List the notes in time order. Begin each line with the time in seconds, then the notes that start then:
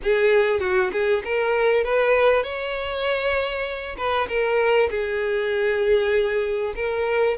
0.03 G#4
0.60 F#4
0.92 G#4
1.24 A#4
1.84 B4
2.43 C#5
3.97 B4
4.28 A#4
4.90 G#4
6.75 A#4